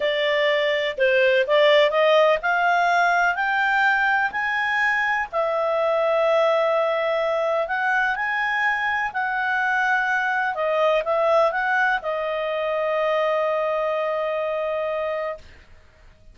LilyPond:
\new Staff \with { instrumentName = "clarinet" } { \time 4/4 \tempo 4 = 125 d''2 c''4 d''4 | dis''4 f''2 g''4~ | g''4 gis''2 e''4~ | e''1 |
fis''4 gis''2 fis''4~ | fis''2 dis''4 e''4 | fis''4 dis''2.~ | dis''1 | }